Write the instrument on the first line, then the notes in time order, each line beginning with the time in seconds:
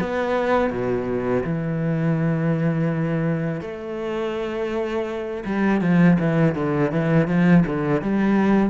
cello
0.00 B3
0.70 B2
1.44 E3
3.61 A3
5.45 G3
5.81 F3
6.19 E3
6.55 D3
6.91 E3
7.27 F3
7.66 D3
8.02 G3